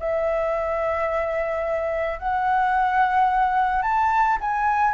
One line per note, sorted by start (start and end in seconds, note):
0.00 2.19 E5
2.19 3.83 F#5
3.83 4.38 A5
4.41 4.94 G#5